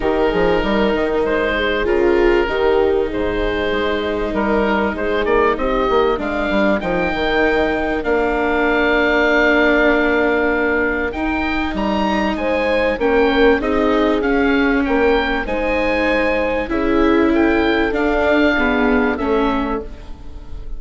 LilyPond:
<<
  \new Staff \with { instrumentName = "oboe" } { \time 4/4 \tempo 4 = 97 ais'2 c''4 ais'4~ | ais'4 c''2 ais'4 | c''8 d''8 dis''4 f''4 g''4~ | g''4 f''2.~ |
f''2 g''4 ais''4 | gis''4 g''4 dis''4 f''4 | g''4 gis''2 e''4 | g''4 f''2 e''4 | }
  \new Staff \with { instrumentName = "horn" } { \time 4/4 g'8 gis'8 ais'4. gis'4. | g'4 gis'2 ais'4 | gis'4 g'4 ais'2~ | ais'1~ |
ais'1 | c''4 ais'4 gis'2 | ais'4 c''2 gis'4 | a'2 gis'4 a'4 | }
  \new Staff \with { instrumentName = "viola" } { \time 4/4 dis'2. f'4 | dis'1~ | dis'2 d'4 dis'4~ | dis'4 d'2.~ |
d'2 dis'2~ | dis'4 cis'4 dis'4 cis'4~ | cis'4 dis'2 e'4~ | e'4 d'4 b4 cis'4 | }
  \new Staff \with { instrumentName = "bassoon" } { \time 4/4 dis8 f8 g8 dis8 gis4 cis4 | dis4 gis,4 gis4 g4 | gis8 ais8 c'8 ais8 gis8 g8 f8 dis8~ | dis4 ais2.~ |
ais2 dis'4 g4 | gis4 ais4 c'4 cis'4 | ais4 gis2 cis'4~ | cis'4 d'2 a4 | }
>>